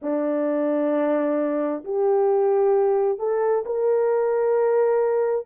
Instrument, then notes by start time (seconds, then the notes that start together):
horn
0.02 D4
1.84 G4
3.18 A4
3.65 A#4